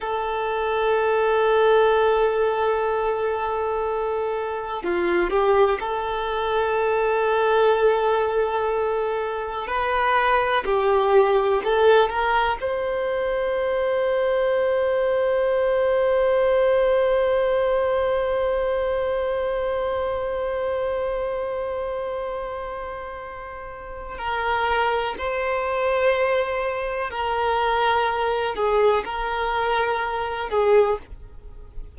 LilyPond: \new Staff \with { instrumentName = "violin" } { \time 4/4 \tempo 4 = 62 a'1~ | a'4 f'8 g'8 a'2~ | a'2 b'4 g'4 | a'8 ais'8 c''2.~ |
c''1~ | c''1~ | c''4 ais'4 c''2 | ais'4. gis'8 ais'4. gis'8 | }